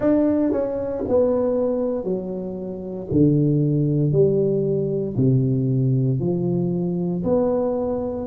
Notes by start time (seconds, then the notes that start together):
0.00 D4
0.52 C#4
1.08 B3
2.04 F#3
3.11 D3
4.11 G3
5.16 C3
6.19 F3
7.23 B3